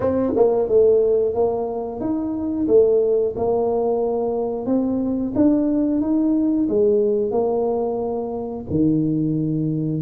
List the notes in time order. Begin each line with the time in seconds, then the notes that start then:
0.00 C4
0.36 A#3
0.68 A3
1.34 A#3
2.00 D#4
2.67 A3
3.35 A#3
4.66 C4
5.35 D4
6.01 D#4
6.68 G#3
7.31 A#3
8.69 D#3